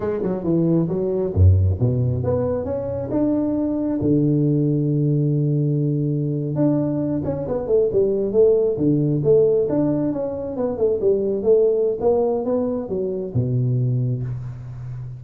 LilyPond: \new Staff \with { instrumentName = "tuba" } { \time 4/4 \tempo 4 = 135 gis8 fis8 e4 fis4 fis,4 | b,4 b4 cis'4 d'4~ | d'4 d2.~ | d2~ d8. d'4~ d'16~ |
d'16 cis'8 b8 a8 g4 a4 d16~ | d8. a4 d'4 cis'4 b16~ | b16 a8 g4 a4~ a16 ais4 | b4 fis4 b,2 | }